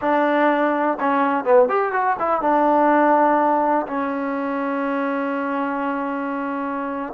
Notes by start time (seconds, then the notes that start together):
0.01 D4
1.00 C#4
1.44 B3
1.68 G4
1.92 F#4
2.19 E4
2.41 D4
3.86 C#4